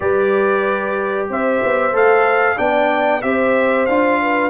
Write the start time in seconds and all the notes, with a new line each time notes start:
0.00 G3 G4 B4 D5
1.29 C4 C5 E5
1.63 B3
1.92 A3 A4 F5
2.57 B3 D4 D5 G5
3.22 C4 G4 C5 E5
3.86 D4 F4 F5
4.21 B4